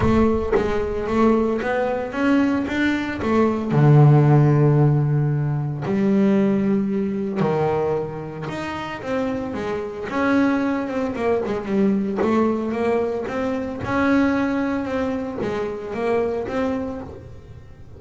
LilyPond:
\new Staff \with { instrumentName = "double bass" } { \time 4/4 \tempo 4 = 113 a4 gis4 a4 b4 | cis'4 d'4 a4 d4~ | d2. g4~ | g2 dis2 |
dis'4 c'4 gis4 cis'4~ | cis'8 c'8 ais8 gis8 g4 a4 | ais4 c'4 cis'2 | c'4 gis4 ais4 c'4 | }